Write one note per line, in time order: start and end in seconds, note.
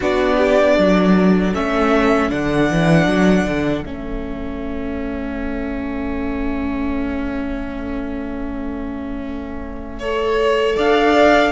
0.00 0.78 B3
0.00 1.54 D4
0.00 0.36 F#4
0.00 1.54 D5
0.37 0.75 G4
0.75 1.54 F#3
0.75 9.98 A4
1.54 2.31 A3
1.54 2.29 C#4
1.54 2.30 E5
2.29 2.70 D3
2.29 3.83 D4
2.29 3.84 F#5
2.70 3.06 E3
3.06 3.44 F#3
3.45 3.83 D3
3.83 10.76 A3
3.83 10.00 C#4
3.83 10.76 E5
9.99 11.51 A4
9.99 10.76 C#5
10.76 11.51 D4
10.76 11.51 D5
10.76 11.51 F5